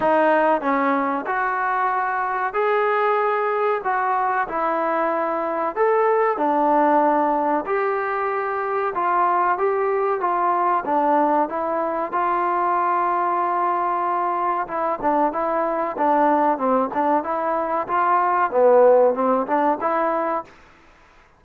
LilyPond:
\new Staff \with { instrumentName = "trombone" } { \time 4/4 \tempo 4 = 94 dis'4 cis'4 fis'2 | gis'2 fis'4 e'4~ | e'4 a'4 d'2 | g'2 f'4 g'4 |
f'4 d'4 e'4 f'4~ | f'2. e'8 d'8 | e'4 d'4 c'8 d'8 e'4 | f'4 b4 c'8 d'8 e'4 | }